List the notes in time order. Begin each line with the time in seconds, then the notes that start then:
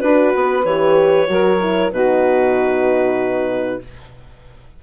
0.00 D4 F#4 B4
0.35 B3
0.64 E3 G4 C#5
1.27 F#3 F#4 A#4
1.60 E4
1.91 B2 D#4 F#4 B4